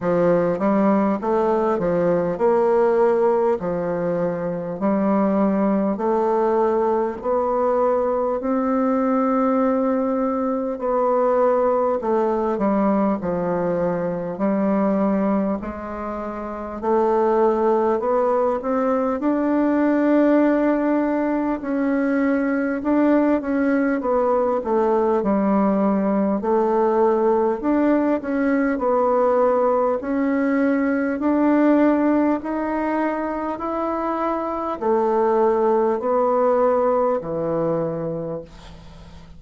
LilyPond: \new Staff \with { instrumentName = "bassoon" } { \time 4/4 \tempo 4 = 50 f8 g8 a8 f8 ais4 f4 | g4 a4 b4 c'4~ | c'4 b4 a8 g8 f4 | g4 gis4 a4 b8 c'8 |
d'2 cis'4 d'8 cis'8 | b8 a8 g4 a4 d'8 cis'8 | b4 cis'4 d'4 dis'4 | e'4 a4 b4 e4 | }